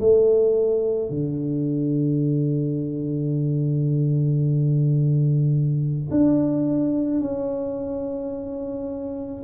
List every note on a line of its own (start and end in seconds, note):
0.00 1.10 A3
1.10 6.10 D3
6.11 7.21 D4
7.21 9.43 C#4